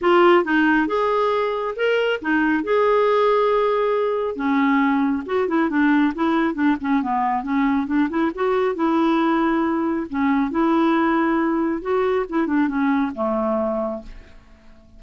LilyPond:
\new Staff \with { instrumentName = "clarinet" } { \time 4/4 \tempo 4 = 137 f'4 dis'4 gis'2 | ais'4 dis'4 gis'2~ | gis'2 cis'2 | fis'8 e'8 d'4 e'4 d'8 cis'8 |
b4 cis'4 d'8 e'8 fis'4 | e'2. cis'4 | e'2. fis'4 | e'8 d'8 cis'4 a2 | }